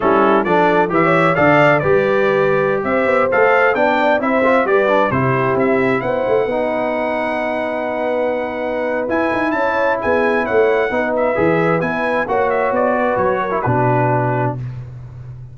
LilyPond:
<<
  \new Staff \with { instrumentName = "trumpet" } { \time 4/4 \tempo 4 = 132 a'4 d''4 e''4 f''4 | d''2~ d''16 e''4 f''8.~ | f''16 g''4 e''4 d''4 c''8.~ | c''16 e''4 fis''2~ fis''8.~ |
fis''1 | gis''4 a''4 gis''4 fis''4~ | fis''8 e''4. gis''4 fis''8 e''8 | d''4 cis''4 b'2 | }
  \new Staff \with { instrumentName = "horn" } { \time 4/4 e'4 a'4 b'16 cis''8. d''4 | b'2~ b'16 c''4.~ c''16~ | c''16 d''4 c''4 b'4 g'8.~ | g'4~ g'16 c''4 b'4.~ b'16~ |
b'1~ | b'4 cis''4 gis'4 cis''4 | b'2. cis''4~ | cis''8 b'4 ais'8 fis'2 | }
  \new Staff \with { instrumentName = "trombone" } { \time 4/4 cis'4 d'4 g'4 a'4 | g'2.~ g'16 a'8.~ | a'16 d'4 e'8 f'8 g'8 d'8 e'8.~ | e'2~ e'16 dis'4.~ dis'16~ |
dis'1 | e'1 | dis'4 gis'4 e'4 fis'4~ | fis'4.~ fis'16 e'16 d'2 | }
  \new Staff \with { instrumentName = "tuba" } { \time 4/4 g4 f4 e4 d4 | g2~ g16 c'8 b8 a8.~ | a16 b4 c'4 g4 c8.~ | c16 c'4 b8 a8 b4.~ b16~ |
b1 | e'8 dis'8 cis'4 b4 a4 | b4 e4 b4 ais4 | b4 fis4 b,2 | }
>>